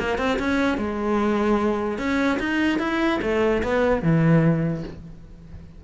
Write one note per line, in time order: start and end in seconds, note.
0.00 0.18 A#3
0.18 0.39 C4
0.39 0.78 C#4
0.78 1.99 G#3
1.99 2.39 C#4
2.40 2.79 D#4
2.79 3.20 E4
3.22 3.63 A3
3.64 4.03 B3
4.03 4.84 E3